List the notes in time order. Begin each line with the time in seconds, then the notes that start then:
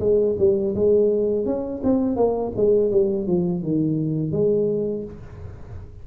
0.00 G#3
0.39 G3
0.75 G#3
1.46 C#4
1.84 C4
2.17 A#3
2.57 G#3
2.91 G3
3.27 F3
3.63 D#3
4.32 G#3